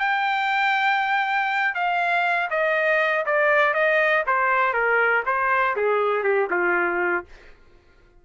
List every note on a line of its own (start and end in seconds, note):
0.00 1.75 G5
1.75 2.50 F5
2.51 3.26 D#5
3.26 3.74 D5
3.74 4.24 D#5
4.27 4.74 C5
4.74 5.24 A#4
5.26 5.76 C5
5.76 6.24 G#4
6.24 6.49 G4
6.50 7.25 F4